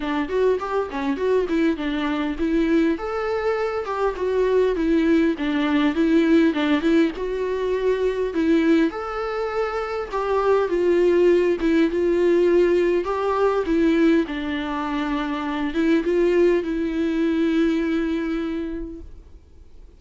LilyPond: \new Staff \with { instrumentName = "viola" } { \time 4/4 \tempo 4 = 101 d'8 fis'8 g'8 cis'8 fis'8 e'8 d'4 | e'4 a'4. g'8 fis'4 | e'4 d'4 e'4 d'8 e'8 | fis'2 e'4 a'4~ |
a'4 g'4 f'4. e'8 | f'2 g'4 e'4 | d'2~ d'8 e'8 f'4 | e'1 | }